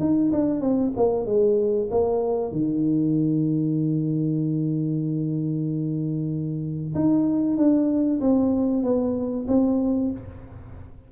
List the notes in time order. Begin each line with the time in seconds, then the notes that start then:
0.00 D#4
0.32 D4
0.61 C4
0.97 A#3
1.26 G#3
1.91 A#3
2.52 D#3
6.95 D#4
7.58 D4
8.21 C4
8.83 B3
9.48 C4